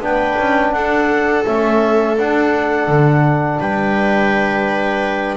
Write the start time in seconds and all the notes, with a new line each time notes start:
0.00 B3 D4 G5
0.06 B4
0.39 C#4
0.72 D4 A4 F#5
1.46 A3 C#4 E5
2.17 D4 F#5
2.87 D3
3.60 G3 B4 G5